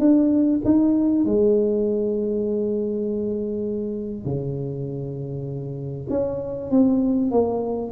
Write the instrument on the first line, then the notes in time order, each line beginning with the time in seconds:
tuba
0.00 D4
0.65 D#4
1.26 G#3
4.25 C#3
6.10 C#4
6.71 C4
7.31 A#3